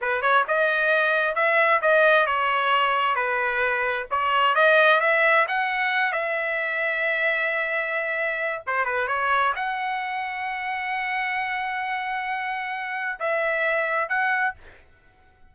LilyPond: \new Staff \with { instrumentName = "trumpet" } { \time 4/4 \tempo 4 = 132 b'8 cis''8 dis''2 e''4 | dis''4 cis''2 b'4~ | b'4 cis''4 dis''4 e''4 | fis''4. e''2~ e''8~ |
e''2. c''8 b'8 | cis''4 fis''2.~ | fis''1~ | fis''4 e''2 fis''4 | }